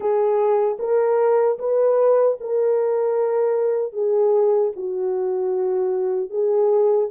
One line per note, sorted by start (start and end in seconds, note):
0.00 0.77 G#4
0.79 1.58 A#4
1.58 2.37 B4
2.40 3.93 A#4
3.93 4.72 G#4
4.75 6.29 F#4
6.29 7.08 G#4